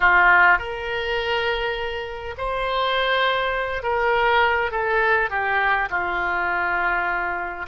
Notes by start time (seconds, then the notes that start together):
0.00 F4
0.58 A#4
2.37 C5
3.82 A#4
4.71 A4
5.29 G4
5.90 F4